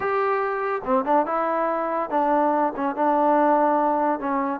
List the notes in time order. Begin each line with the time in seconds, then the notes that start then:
0.00 G4
0.84 C4
1.05 D4
1.25 E4
2.10 D4
2.76 C#4
2.95 D4
4.19 C#4